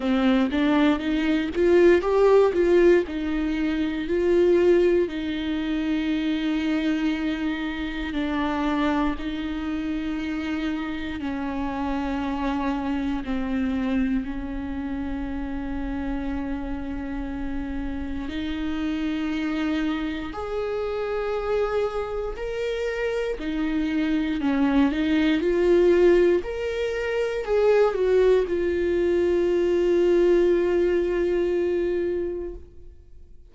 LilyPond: \new Staff \with { instrumentName = "viola" } { \time 4/4 \tempo 4 = 59 c'8 d'8 dis'8 f'8 g'8 f'8 dis'4 | f'4 dis'2. | d'4 dis'2 cis'4~ | cis'4 c'4 cis'2~ |
cis'2 dis'2 | gis'2 ais'4 dis'4 | cis'8 dis'8 f'4 ais'4 gis'8 fis'8 | f'1 | }